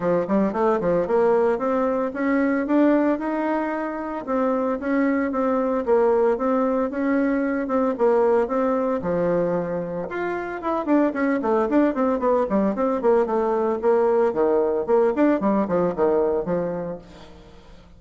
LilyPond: \new Staff \with { instrumentName = "bassoon" } { \time 4/4 \tempo 4 = 113 f8 g8 a8 f8 ais4 c'4 | cis'4 d'4 dis'2 | c'4 cis'4 c'4 ais4 | c'4 cis'4. c'8 ais4 |
c'4 f2 f'4 | e'8 d'8 cis'8 a8 d'8 c'8 b8 g8 | c'8 ais8 a4 ais4 dis4 | ais8 d'8 g8 f8 dis4 f4 | }